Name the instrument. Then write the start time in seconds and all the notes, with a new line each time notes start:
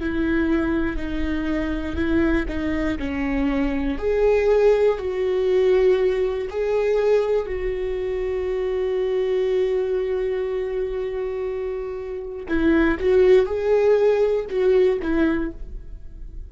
viola
0.00 E4
0.96 D#4
1.95 E4
2.48 D#4
2.98 C#4
3.98 G#4
4.98 F#4
6.49 G#4
7.46 F#4
12.48 E4
13.00 F#4
13.45 G#4
14.50 F#4
15.02 E4